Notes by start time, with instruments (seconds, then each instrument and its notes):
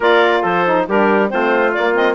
0.00 bassoon A#3, saxophone F4, trumpet A#4, clarinet D5
0.42 bassoon F3, trumpet A4, clarinet C5
0.65 saxophone D#4
0.88 bassoon G3, saxophone D4, trumpet G4, clarinet A#4
1.28 bassoon A3, saxophone C4, trumpet F4, clarinet C5
1.74 saxophone A#3, bassoon A#3, clarinet D5
1.94 saxophone C4, clarinet D#5